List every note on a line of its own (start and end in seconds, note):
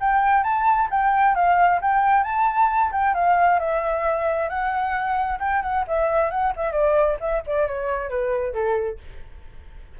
0.00 0.43 G5
0.43 0.88 A5
0.90 1.35 G5
1.35 1.80 F5
1.81 2.23 G5
2.23 2.91 A5
2.91 3.14 G5
3.14 3.59 F5
3.59 4.48 E5
4.48 5.39 F#5
5.39 5.62 G5
5.62 5.85 F#5
5.87 6.30 E5
6.30 6.52 F#5
6.56 6.71 E5
6.71 7.16 D5
7.20 7.42 E5
7.46 7.67 D5
7.67 8.09 C#5
8.09 8.53 B4
8.53 8.98 A4